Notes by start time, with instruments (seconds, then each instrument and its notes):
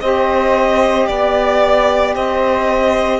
0.00 cello C4, saxophone G4 C5, violin D#5
1.07 cello B3, violin D5, saxophone D5
2.15 cello C4, saxophone C5, violin D#5